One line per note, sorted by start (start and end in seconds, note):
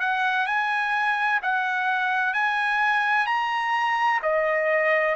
0.00 0.46 F#5
0.46 1.40 G#5
1.43 2.34 F#5
2.34 3.27 G#5
3.27 4.21 A#5
4.23 5.16 D#5